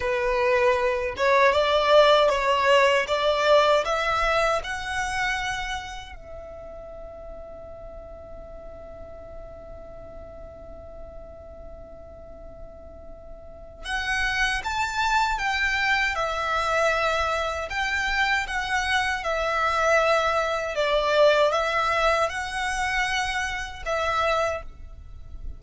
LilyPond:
\new Staff \with { instrumentName = "violin" } { \time 4/4 \tempo 4 = 78 b'4. cis''8 d''4 cis''4 | d''4 e''4 fis''2 | e''1~ | e''1~ |
e''2 fis''4 a''4 | g''4 e''2 g''4 | fis''4 e''2 d''4 | e''4 fis''2 e''4 | }